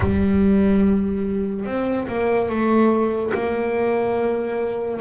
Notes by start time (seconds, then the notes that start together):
0.00 G3
1.65 C4
2.07 A#3
2.48 A3
3.33 A#3